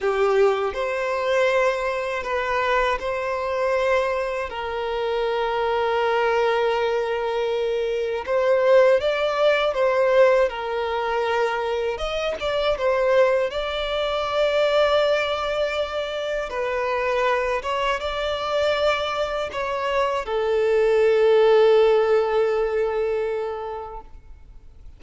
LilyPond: \new Staff \with { instrumentName = "violin" } { \time 4/4 \tempo 4 = 80 g'4 c''2 b'4 | c''2 ais'2~ | ais'2. c''4 | d''4 c''4 ais'2 |
dis''8 d''8 c''4 d''2~ | d''2 b'4. cis''8 | d''2 cis''4 a'4~ | a'1 | }